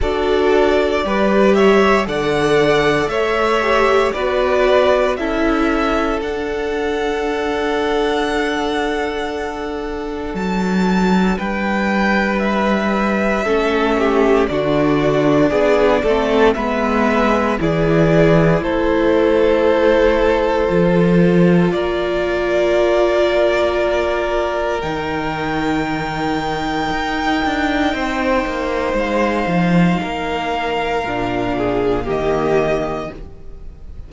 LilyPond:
<<
  \new Staff \with { instrumentName = "violin" } { \time 4/4 \tempo 4 = 58 d''4. e''8 fis''4 e''4 | d''4 e''4 fis''2~ | fis''2 a''4 g''4 | e''2 d''2 |
e''4 d''4 c''2~ | c''4 d''2. | g''1 | f''2. dis''4 | }
  \new Staff \with { instrumentName = "violin" } { \time 4/4 a'4 b'8 cis''8 d''4 cis''4 | b'4 a'2.~ | a'2. b'4~ | b'4 a'8 g'8 fis'4 gis'8 a'8 |
b'4 gis'4 a'2~ | a'4 ais'2.~ | ais'2. c''4~ | c''4 ais'4. gis'8 g'4 | }
  \new Staff \with { instrumentName = "viola" } { \time 4/4 fis'4 g'4 a'4. g'8 | fis'4 e'4 d'2~ | d'1~ | d'4 cis'4 d'4. c'8 |
b4 e'2. | f'1 | dis'1~ | dis'2 d'4 ais4 | }
  \new Staff \with { instrumentName = "cello" } { \time 4/4 d'4 g4 d4 a4 | b4 cis'4 d'2~ | d'2 fis4 g4~ | g4 a4 d4 b8 a8 |
gis4 e4 a2 | f4 ais2. | dis2 dis'8 d'8 c'8 ais8 | gis8 f8 ais4 ais,4 dis4 | }
>>